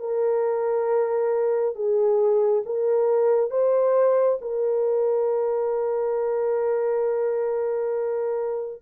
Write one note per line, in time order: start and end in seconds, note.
0.00 1.76 A#4
1.76 2.64 G#4
2.66 3.51 A#4
3.51 4.39 C5
4.42 8.83 A#4